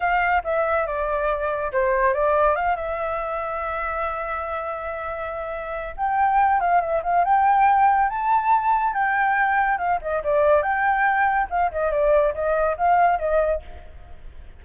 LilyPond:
\new Staff \with { instrumentName = "flute" } { \time 4/4 \tempo 4 = 141 f''4 e''4 d''2 | c''4 d''4 f''8 e''4.~ | e''1~ | e''2 g''4. f''8 |
e''8 f''8 g''2 a''4~ | a''4 g''2 f''8 dis''8 | d''4 g''2 f''8 dis''8 | d''4 dis''4 f''4 dis''4 | }